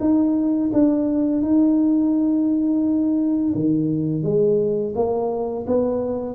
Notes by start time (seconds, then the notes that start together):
0.00 D#4
0.73 D4
1.42 D#4
3.55 D#3
4.23 G#3
4.95 A#3
5.67 B3